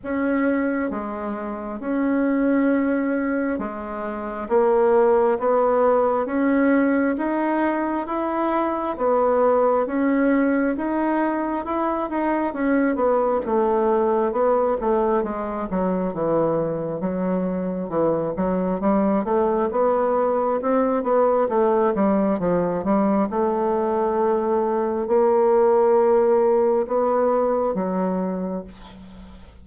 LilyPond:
\new Staff \with { instrumentName = "bassoon" } { \time 4/4 \tempo 4 = 67 cis'4 gis4 cis'2 | gis4 ais4 b4 cis'4 | dis'4 e'4 b4 cis'4 | dis'4 e'8 dis'8 cis'8 b8 a4 |
b8 a8 gis8 fis8 e4 fis4 | e8 fis8 g8 a8 b4 c'8 b8 | a8 g8 f8 g8 a2 | ais2 b4 fis4 | }